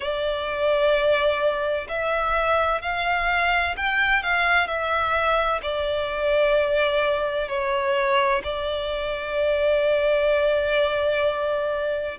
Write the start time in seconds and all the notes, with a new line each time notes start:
0.00 D5
1.88 E5
2.81 F5
3.77 G5
4.22 F5
4.67 E5
5.62 D5
7.48 C#5
8.43 D5